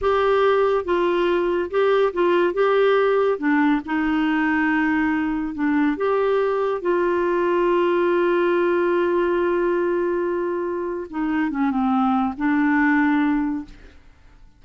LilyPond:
\new Staff \with { instrumentName = "clarinet" } { \time 4/4 \tempo 4 = 141 g'2 f'2 | g'4 f'4 g'2 | d'4 dis'2.~ | dis'4 d'4 g'2 |
f'1~ | f'1~ | f'2 dis'4 cis'8 c'8~ | c'4 d'2. | }